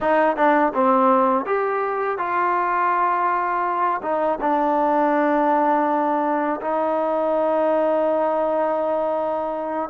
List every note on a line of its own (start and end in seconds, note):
0.00 0.36 D#4
0.36 0.73 D4
0.74 1.45 C4
1.45 2.18 G4
2.18 4.01 F4
4.02 4.39 D#4
4.40 6.60 D4
6.61 9.89 D#4